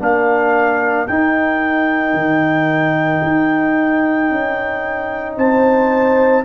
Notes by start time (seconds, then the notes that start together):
0.00 A#3 D4 A#4 F5
1.08 D#4 G5
2.14 D#3
3.23 D#4
4.31 C#4
5.37 C4 C5 A5